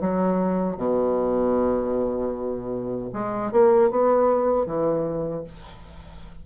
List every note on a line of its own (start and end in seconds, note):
0.00 0.77 F#3
0.77 3.10 B2
3.12 3.51 G#3
3.51 3.90 A#3
3.90 4.66 B3
4.66 5.44 E3